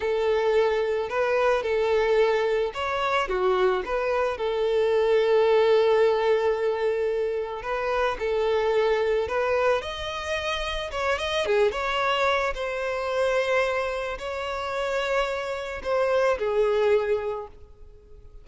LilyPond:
\new Staff \with { instrumentName = "violin" } { \time 4/4 \tempo 4 = 110 a'2 b'4 a'4~ | a'4 cis''4 fis'4 b'4 | a'1~ | a'2 b'4 a'4~ |
a'4 b'4 dis''2 | cis''8 dis''8 gis'8 cis''4. c''4~ | c''2 cis''2~ | cis''4 c''4 gis'2 | }